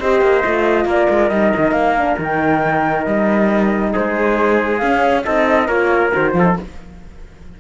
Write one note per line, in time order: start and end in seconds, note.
0.00 0.21 C4
0.00 0.44 G4
0.00 0.87 C5
0.00 0.88 D#5
0.21 0.43 A#3
0.44 0.85 A3
0.44 1.31 F4
0.85 1.07 A#3
0.85 3.92 A#4
0.85 1.29 D5
1.09 1.31 G#3
1.29 1.52 G3
1.29 1.97 D#4
1.29 1.72 D#5
1.57 1.72 D#3
1.72 2.15 A#3
1.72 2.16 F5
1.97 2.19 D4
2.19 3.06 D#3
2.19 4.82 D#4
2.19 3.04 G5
3.04 3.94 G3
3.04 3.91 D#5
3.92 4.82 G#3
3.92 5.23 G#4
3.92 4.78 C5
4.78 5.25 C#4
4.78 5.21 F5
4.84 5.25 C#4
5.24 5.68 C4
5.24 5.68 D#4
5.24 5.67 A4
5.24 5.68 D#5
5.67 6.12 A#3
5.67 6.12 F4
5.67 6.33 A#4
5.67 6.12 C#5
6.13 6.34 D#3
6.13 6.33 F#4
6.13 6.58 C5
6.33 6.56 F3
6.33 6.43 F4
6.33 6.60 A4
6.43 6.54 D#4